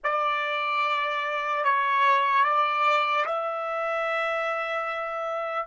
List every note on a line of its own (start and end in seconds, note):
0.03 1.64 D5
1.64 2.44 C#5
2.44 3.25 D5
3.25 5.66 E5